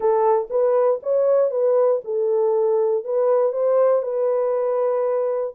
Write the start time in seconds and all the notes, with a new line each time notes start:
0.00 A4
0.50 B4
1.02 C#5
1.50 B4
2.04 A4
3.04 B4
3.52 C5
4.02 B4